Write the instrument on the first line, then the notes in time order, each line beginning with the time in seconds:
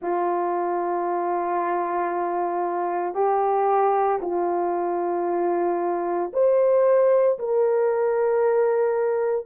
horn
0.02 F4
3.14 G4
4.21 F4
6.33 C5
7.39 A#4